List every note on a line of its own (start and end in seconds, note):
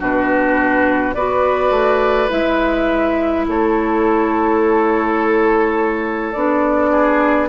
0.00 1.15 B2
0.00 1.15 D4
0.00 1.15 F#4
0.00 1.15 B4
1.15 1.71 B3
1.15 2.29 F#4
1.15 3.46 B4
1.15 2.30 D5
1.71 2.28 A3
2.29 3.47 G#3
2.29 6.33 E4
2.29 3.46 E5
3.47 6.36 A3
3.47 6.91 A4
3.47 6.33 C#5
6.33 7.50 B3
6.33 7.50 D4
6.33 7.48 D5
6.91 7.49 G#4